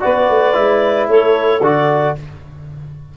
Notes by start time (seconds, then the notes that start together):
0.00 B3 F#4 B4 D5
0.28 A3
0.53 G#3 E4
1.08 A3 A4 C#5
1.60 D3 F#4 D5